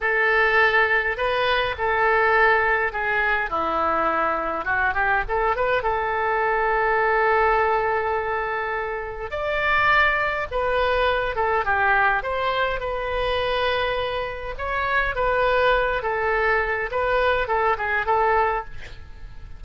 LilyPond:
\new Staff \with { instrumentName = "oboe" } { \time 4/4 \tempo 4 = 103 a'2 b'4 a'4~ | a'4 gis'4 e'2 | fis'8 g'8 a'8 b'8 a'2~ | a'1 |
d''2 b'4. a'8 | g'4 c''4 b'2~ | b'4 cis''4 b'4. a'8~ | a'4 b'4 a'8 gis'8 a'4 | }